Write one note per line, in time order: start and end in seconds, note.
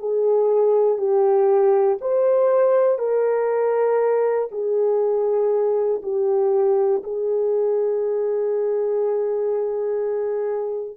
0.00 0.99 G#4
0.99 1.99 G4
2.01 2.99 C5
2.99 4.49 A#4
4.52 6.02 G#4
6.03 7.03 G4
7.04 10.98 G#4